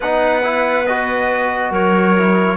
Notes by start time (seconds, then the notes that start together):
0.00 B3 D#4 B4 F#5
0.42 E4
0.86 F#4 D#5
1.70 F#3 A#4 C#5
2.17 E4